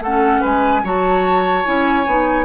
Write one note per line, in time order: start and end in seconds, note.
0.00 0.41 A3
0.00 0.84 C#4
0.00 0.41 A4
0.00 0.43 F#5
0.41 0.84 G#3
0.41 0.82 B4
0.41 0.86 G#5
0.84 1.65 F#3
0.84 1.65 F#4
0.84 2.45 C#5
0.84 1.66 A5
1.65 2.07 C#4
1.65 2.05 E4
1.65 2.45 G#5
2.07 2.45 B3
2.07 2.45 D#4